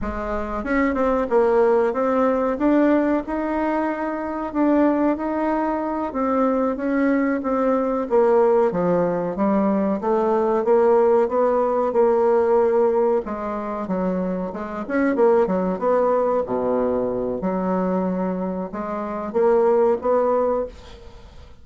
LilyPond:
\new Staff \with { instrumentName = "bassoon" } { \time 4/4 \tempo 4 = 93 gis4 cis'8 c'8 ais4 c'4 | d'4 dis'2 d'4 | dis'4. c'4 cis'4 c'8~ | c'8 ais4 f4 g4 a8~ |
a8 ais4 b4 ais4.~ | ais8 gis4 fis4 gis8 cis'8 ais8 | fis8 b4 b,4. fis4~ | fis4 gis4 ais4 b4 | }